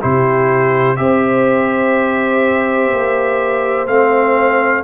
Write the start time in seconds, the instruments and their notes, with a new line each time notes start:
0.00 tuba C3, trombone E4, horn G4, trumpet C5
0.96 tuba C4, trombone G4, horn C5, trumpet E5
2.93 tuba A#3
3.86 tuba A3, trombone C4, trumpet F5